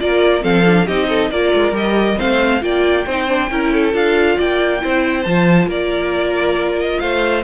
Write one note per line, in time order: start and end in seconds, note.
0.00 0.44 A#3
0.00 0.42 F4
0.00 0.43 A#4
0.00 0.43 D5
0.42 0.88 F3
0.42 0.64 C4
0.42 0.86 A4
0.42 0.87 F5
0.66 0.88 D4
0.86 1.31 C4
0.86 1.32 D#4
0.86 1.08 G4
0.86 1.30 D#5
1.09 1.31 A4
1.30 1.53 A#3
1.30 1.73 F4
1.30 2.18 A#4
1.30 1.74 D5
1.54 1.72 G#3
1.72 2.16 G3
1.72 2.16 G4
1.72 2.20 D#5
2.18 2.62 A3
2.18 2.61 C4
2.18 2.61 C5
2.18 2.63 F5
2.61 3.06 A#3
2.61 3.04 F4
2.61 3.06 D5
2.61 3.95 G5
3.06 3.50 C4
3.06 3.28 D#4
3.06 3.50 C5
3.28 3.50 D4
3.50 3.94 C#4
3.50 3.92 E4
3.50 3.73 A#4
3.73 4.37 A4
3.92 4.38 D4
3.92 4.80 F4
3.92 4.39 F5
4.37 4.83 A#3
4.37 4.80 D5
4.37 5.23 G5
4.80 5.26 C4
4.80 5.24 E4
4.80 5.68 C5
5.23 5.67 F3
5.23 7.44 F4
5.23 5.67 A5
5.67 6.98 A#3
5.67 7.00 A#4
5.67 6.79 D5
6.79 6.99 D#5
6.99 7.44 A3
6.99 7.44 C5
6.99 7.43 F5